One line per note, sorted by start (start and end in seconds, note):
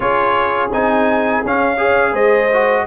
0.00 0.70 C#4
0.00 0.69 F4
0.00 1.77 G#4
0.00 0.70 C#5
0.71 1.43 C4
0.71 1.44 D#4
0.71 1.44 G#5
1.45 2.12 C#4
1.45 1.77 C#4
1.45 2.14 F5
1.77 2.48 G#4
1.77 2.12 C#5
2.12 2.84 G#3
2.12 2.83 C5
2.12 2.86 D#5
2.52 2.86 F#4